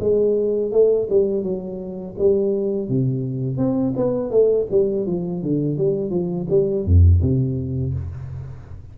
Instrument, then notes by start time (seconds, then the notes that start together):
tuba
0.00 G#3
0.72 A3
1.10 G3
1.43 F#3
2.19 G3
2.89 C3
3.58 C4
3.97 B3
4.31 A3
4.71 G3
5.07 F3
5.43 D3
5.78 G3
6.11 F3
6.50 G3
6.85 F2
7.22 C3